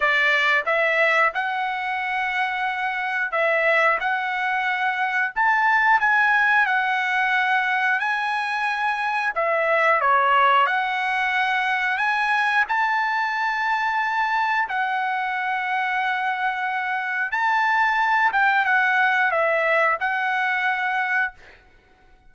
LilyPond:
\new Staff \with { instrumentName = "trumpet" } { \time 4/4 \tempo 4 = 90 d''4 e''4 fis''2~ | fis''4 e''4 fis''2 | a''4 gis''4 fis''2 | gis''2 e''4 cis''4 |
fis''2 gis''4 a''4~ | a''2 fis''2~ | fis''2 a''4. g''8 | fis''4 e''4 fis''2 | }